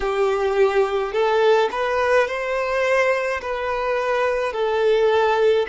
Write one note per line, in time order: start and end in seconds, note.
0.00 1.12 G4
1.12 1.69 A4
1.71 2.27 B4
2.27 3.41 C5
3.41 4.53 B4
4.53 5.66 A4